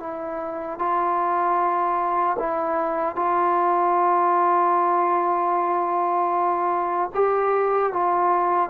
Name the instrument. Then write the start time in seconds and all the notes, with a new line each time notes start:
trombone
0.00 E4
0.79 F4
2.39 E4
3.16 F4
7.15 G4
7.93 F4